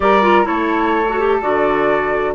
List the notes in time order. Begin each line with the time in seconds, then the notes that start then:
0.00 G3 G4 A#4 D5
0.22 F4
0.44 A3 E4 A4 C#5
1.08 F#4
1.19 G4
1.41 D3 F#4 D5